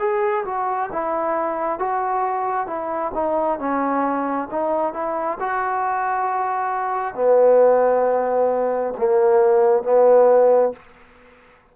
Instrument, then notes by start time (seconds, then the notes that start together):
trombone
0.00 G#4
0.46 F#4
0.93 E4
1.80 F#4
2.67 E4
3.15 D#4
3.59 C#4
4.51 D#4
4.94 E4
5.40 F#4
7.15 B3
8.98 A#3
9.83 B3